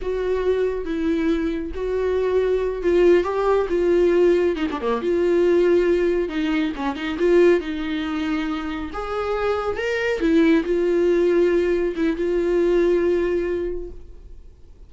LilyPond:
\new Staff \with { instrumentName = "viola" } { \time 4/4 \tempo 4 = 138 fis'2 e'2 | fis'2~ fis'8 f'4 g'8~ | g'8 f'2 dis'16 d'16 ais8 f'8~ | f'2~ f'8 dis'4 cis'8 |
dis'8 f'4 dis'2~ dis'8~ | dis'8 gis'2 ais'4 e'8~ | e'8 f'2. e'8 | f'1 | }